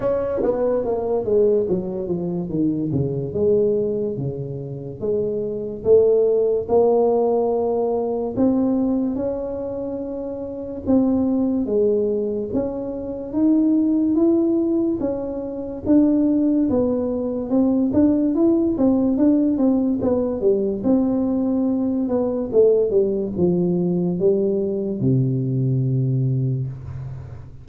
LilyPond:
\new Staff \with { instrumentName = "tuba" } { \time 4/4 \tempo 4 = 72 cis'8 b8 ais8 gis8 fis8 f8 dis8 cis8 | gis4 cis4 gis4 a4 | ais2 c'4 cis'4~ | cis'4 c'4 gis4 cis'4 |
dis'4 e'4 cis'4 d'4 | b4 c'8 d'8 e'8 c'8 d'8 c'8 | b8 g8 c'4. b8 a8 g8 | f4 g4 c2 | }